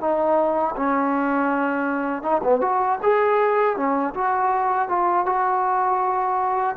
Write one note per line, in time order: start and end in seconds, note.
0.00 0.75 D#4
0.76 2.23 C#4
2.23 2.41 D#4
2.43 2.61 B3
2.61 2.98 F#4
3.02 3.76 G#4
3.76 4.14 C#4
4.14 4.89 F#4
4.89 5.26 F4
5.26 6.76 F#4